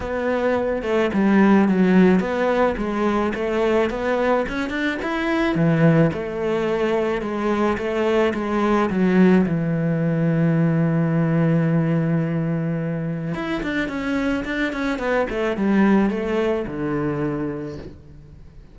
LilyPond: \new Staff \with { instrumentName = "cello" } { \time 4/4 \tempo 4 = 108 b4. a8 g4 fis4 | b4 gis4 a4 b4 | cis'8 d'8 e'4 e4 a4~ | a4 gis4 a4 gis4 |
fis4 e2.~ | e1 | e'8 d'8 cis'4 d'8 cis'8 b8 a8 | g4 a4 d2 | }